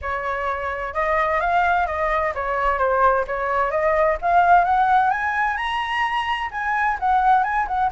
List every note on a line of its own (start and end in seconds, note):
0.01 0.93 C#5
0.93 1.40 D#5
1.40 1.86 F5
1.86 2.33 D#5
2.34 2.78 C#5
2.78 3.24 C5
3.27 3.70 C#5
3.70 4.17 D#5
4.21 4.64 F5
4.64 5.10 F#5
5.10 5.56 G#5
5.56 6.49 A#5
6.51 6.97 G#5
6.99 7.43 F#5
7.43 7.67 G#5
7.67 7.90 F#5